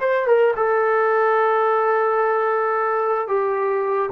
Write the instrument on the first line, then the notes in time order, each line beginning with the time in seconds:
trombone
0.00 C5
0.27 A#4
0.57 A4
3.28 G4